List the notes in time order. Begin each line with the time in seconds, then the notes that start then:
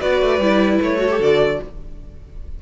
0.00 B3 F#4 B4 D5
0.22 A3
0.39 G3 E4
0.82 A3 C#5
0.99 F#4 A4
1.11 G4
1.19 D3 F#4 D5